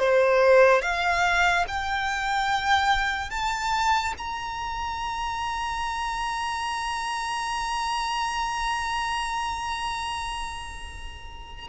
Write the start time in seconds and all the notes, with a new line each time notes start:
0.00 C5
0.83 F5
1.68 G5
3.31 A5
4.18 A#5